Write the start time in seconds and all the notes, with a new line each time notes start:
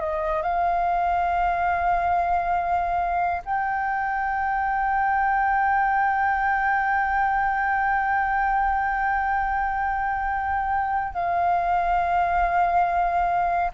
0.00 D#5
0.42 F5
3.45 G5
11.14 F5